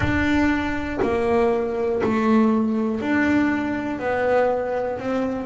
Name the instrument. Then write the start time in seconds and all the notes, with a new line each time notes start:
double bass
0.00 D4
1.02 A#3
2.03 A3
3.00 D4
3.99 B3
4.99 C4